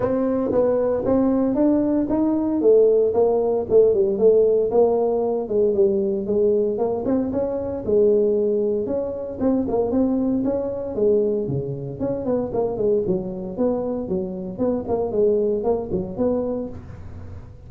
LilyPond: \new Staff \with { instrumentName = "tuba" } { \time 4/4 \tempo 4 = 115 c'4 b4 c'4 d'4 | dis'4 a4 ais4 a8 g8 | a4 ais4. gis8 g4 | gis4 ais8 c'8 cis'4 gis4~ |
gis4 cis'4 c'8 ais8 c'4 | cis'4 gis4 cis4 cis'8 b8 | ais8 gis8 fis4 b4 fis4 | b8 ais8 gis4 ais8 fis8 b4 | }